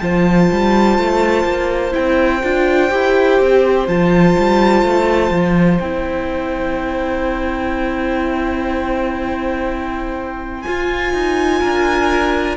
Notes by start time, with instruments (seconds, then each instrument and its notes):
0.00 cello F3, viola F4, violin C5 A5
0.52 cello G3
0.99 cello A3
1.45 cello A#3
1.92 cello C4, viola E4, violin G5
2.44 cello D4, viola F4
2.91 cello E4, viola G4
3.40 cello C4
3.88 cello F3, viola F4, violin A5
4.39 cello G3
4.83 cello A3
5.31 cello F3
5.79 cello C4, viola E4, violin G5
10.62 viola F4, cello F4, violin G#5
11.14 cello D#4
11.60 cello D4, violin A#4